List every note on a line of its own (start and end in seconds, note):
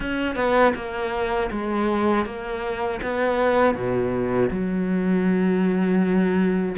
0.00 0.35 C#4
0.35 0.73 B3
0.75 1.50 A#3
1.51 2.25 G#3
2.25 3.00 A#3
3.02 3.74 B3
3.74 4.49 B2
4.50 6.75 F#3